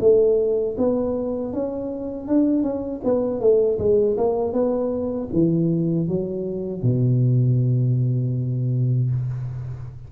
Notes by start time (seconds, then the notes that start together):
0.00 A3
0.78 B3
1.53 C#4
2.28 D4
2.63 C#4
3.04 B3
3.40 A3
3.79 G#3
4.17 A#3
4.53 B3
5.33 E3
6.08 F#3
6.83 B2